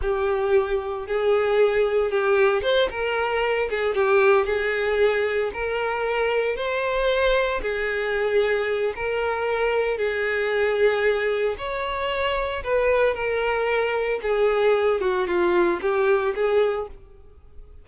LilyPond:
\new Staff \with { instrumentName = "violin" } { \time 4/4 \tempo 4 = 114 g'2 gis'2 | g'4 c''8 ais'4. gis'8 g'8~ | g'8 gis'2 ais'4.~ | ais'8 c''2 gis'4.~ |
gis'4 ais'2 gis'4~ | gis'2 cis''2 | b'4 ais'2 gis'4~ | gis'8 fis'8 f'4 g'4 gis'4 | }